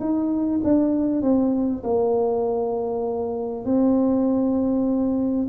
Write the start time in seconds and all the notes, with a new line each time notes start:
0.00 D#4
0.64 D4
1.22 C4
1.84 A#3
3.65 C4